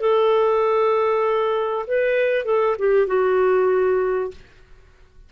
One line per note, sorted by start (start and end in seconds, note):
0.00 1.86 A4
1.87 2.45 B4
2.45 2.76 A4
2.79 3.07 G4
3.07 4.31 F#4